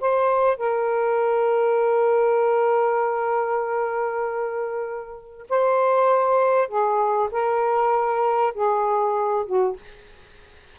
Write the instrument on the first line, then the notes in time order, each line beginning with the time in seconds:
saxophone
0.00 C5
0.57 A#4
5.49 C5
6.68 G#4
7.31 A#4
8.54 G#4
9.46 F#4